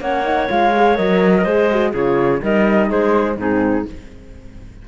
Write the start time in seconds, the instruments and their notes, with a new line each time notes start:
0.00 cello A#3, horn C#4, clarinet C#5, flute F#5
0.24 horn D#4
0.49 cello G#3, horn F4, flute F5
0.75 horn G#4
0.95 cello F#3, horn A#4, flute D#5
1.36 clarinet A#4
1.44 cello G#3, horn G#4, clarinet C5
1.70 horn F#4
1.90 cello C#3, horn F4, clarinet G#4, flute C#5
2.41 cello G3, horn D#4, clarinet A#4, flute D#5
2.87 cello G#3, clarinet G#4, flute C5
3.37 cello G#2, horn C4, clarinet D#4, flute G#4